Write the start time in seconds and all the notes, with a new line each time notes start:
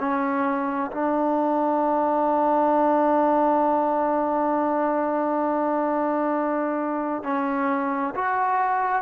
0.00 C#4
0.91 D4
7.24 C#4
8.15 F#4